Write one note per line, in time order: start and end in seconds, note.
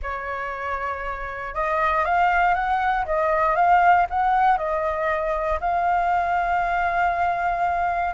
0.02 1.54 C#5
1.54 2.04 D#5
2.04 2.54 F5
2.54 3.05 F#5
3.05 3.55 D#5
3.55 4.06 F5
4.10 4.57 F#5
4.57 5.59 D#5
5.60 8.14 F5